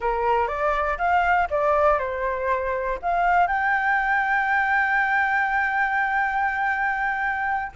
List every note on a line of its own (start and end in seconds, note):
0.00 0.47 A#4
0.47 0.97 D5
0.97 1.47 F5
1.50 1.98 D5
1.98 2.98 C5
3.01 3.47 F5
3.47 7.72 G5